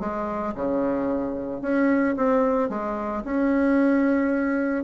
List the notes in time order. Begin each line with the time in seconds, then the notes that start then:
0.00 G#3
0.55 C#3
1.61 C#4
2.16 C4
2.69 G#3
3.25 C#4